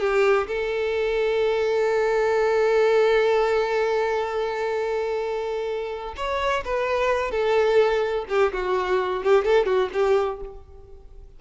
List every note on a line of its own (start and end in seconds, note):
0.00 0.47 G4
0.48 6.15 A4
6.17 6.64 C#5
6.65 7.31 B4
7.31 8.25 A4
8.29 8.52 G4
8.53 9.24 F#4
9.24 9.45 G4
9.45 9.66 A4
9.66 9.90 F#4
9.93 10.40 G4